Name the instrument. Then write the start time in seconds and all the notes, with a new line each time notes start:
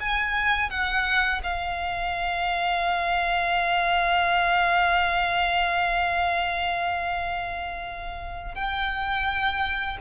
violin
0.00 G#5
0.70 F#5
1.43 F5
8.55 G5